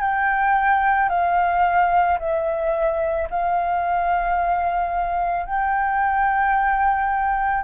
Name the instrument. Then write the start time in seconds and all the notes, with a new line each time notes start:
flute
0.00 G5
1.09 F5
2.19 E5
3.30 F5
5.45 G5